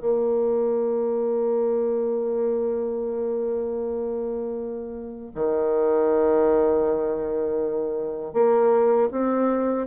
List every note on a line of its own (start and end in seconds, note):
0.00 5.32 A#3
5.35 8.33 D#3
8.33 9.09 A#3
9.11 9.87 C4